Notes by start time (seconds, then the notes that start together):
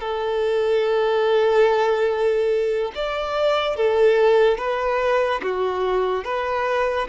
0.00 A4
2.95 D5
3.76 A4
4.58 B4
5.43 F#4
6.24 B4